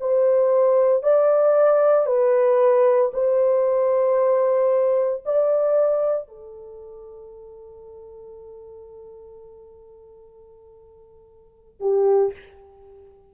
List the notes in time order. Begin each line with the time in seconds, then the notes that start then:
0.00 C5
1.03 D5
2.06 B4
3.13 C5
5.25 D5
6.29 A4
11.80 G4